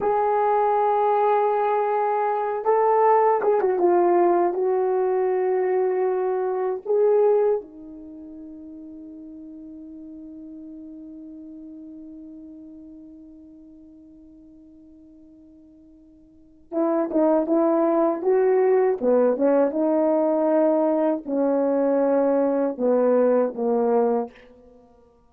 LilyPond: \new Staff \with { instrumentName = "horn" } { \time 4/4 \tempo 4 = 79 gis'2.~ gis'8 a'8~ | a'8 gis'16 fis'16 f'4 fis'2~ | fis'4 gis'4 dis'2~ | dis'1~ |
dis'1~ | dis'2 e'8 dis'8 e'4 | fis'4 b8 cis'8 dis'2 | cis'2 b4 ais4 | }